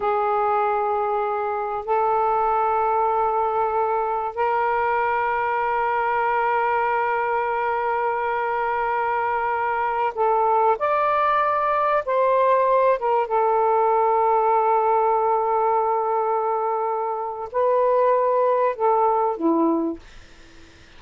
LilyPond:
\new Staff \with { instrumentName = "saxophone" } { \time 4/4 \tempo 4 = 96 gis'2. a'4~ | a'2. ais'4~ | ais'1~ | ais'1~ |
ais'16 a'4 d''2 c''8.~ | c''8. ais'8 a'2~ a'8.~ | a'1 | b'2 a'4 e'4 | }